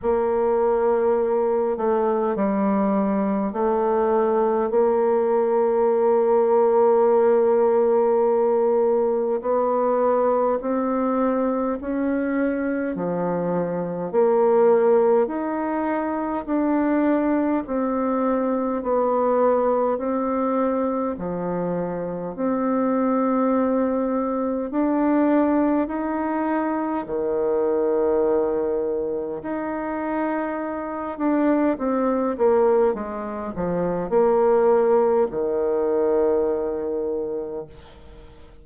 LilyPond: \new Staff \with { instrumentName = "bassoon" } { \time 4/4 \tempo 4 = 51 ais4. a8 g4 a4 | ais1 | b4 c'4 cis'4 f4 | ais4 dis'4 d'4 c'4 |
b4 c'4 f4 c'4~ | c'4 d'4 dis'4 dis4~ | dis4 dis'4. d'8 c'8 ais8 | gis8 f8 ais4 dis2 | }